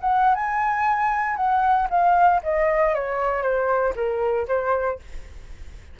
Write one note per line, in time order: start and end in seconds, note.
0.00 0.34 F#5
0.34 1.36 G#5
1.36 1.88 F#5
1.90 2.41 F5
2.43 2.94 D#5
2.94 3.42 C#5
3.42 3.93 C5
3.95 4.47 A#4
4.48 4.99 C5